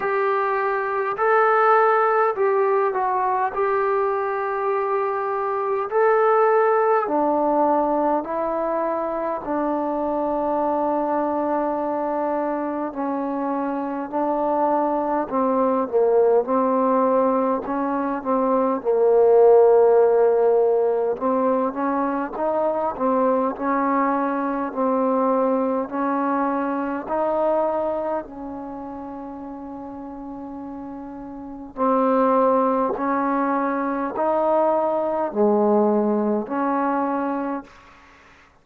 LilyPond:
\new Staff \with { instrumentName = "trombone" } { \time 4/4 \tempo 4 = 51 g'4 a'4 g'8 fis'8 g'4~ | g'4 a'4 d'4 e'4 | d'2. cis'4 | d'4 c'8 ais8 c'4 cis'8 c'8 |
ais2 c'8 cis'8 dis'8 c'8 | cis'4 c'4 cis'4 dis'4 | cis'2. c'4 | cis'4 dis'4 gis4 cis'4 | }